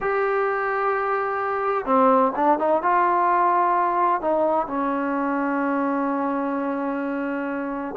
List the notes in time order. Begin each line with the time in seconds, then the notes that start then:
0.00 G4
1.85 C4
2.35 D4
2.58 D#4
2.82 F4
4.21 D#4
4.67 C#4